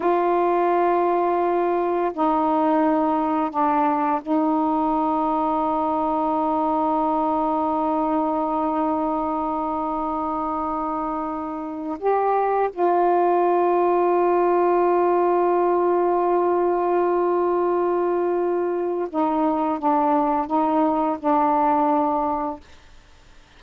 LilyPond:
\new Staff \with { instrumentName = "saxophone" } { \time 4/4 \tempo 4 = 85 f'2. dis'4~ | dis'4 d'4 dis'2~ | dis'1~ | dis'1~ |
dis'4 g'4 f'2~ | f'1~ | f'2. dis'4 | d'4 dis'4 d'2 | }